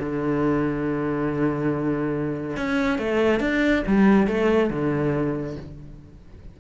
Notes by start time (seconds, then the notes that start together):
0.00 D3
2.57 C#4
2.99 A3
3.40 D4
3.87 G3
4.28 A3
4.71 D3